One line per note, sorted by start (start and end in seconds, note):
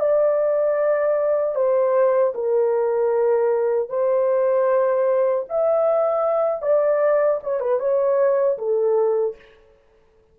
0.00 1.55 D5
1.55 2.33 C5
2.34 3.90 A#4
3.90 5.45 C5
5.49 6.62 E5
6.62 7.40 D5
7.43 7.60 C#5
7.60 7.80 B4
7.80 8.58 C#5
8.58 9.36 A4